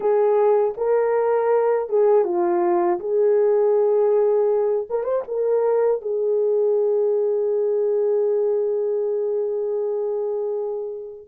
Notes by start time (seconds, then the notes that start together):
0.00 G#4
0.77 A#4
1.89 G#4
2.24 F4
2.99 G#4
4.89 A#4
5.03 C5
5.27 A#4
6.01 G#4